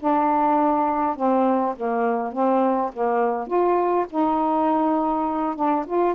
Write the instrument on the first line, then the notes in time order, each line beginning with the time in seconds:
saxophone
0.00 D4
1.17 C4
1.77 A#3
2.33 C4
2.94 A#3
3.48 F4
4.10 D#4
5.56 D4
5.87 F4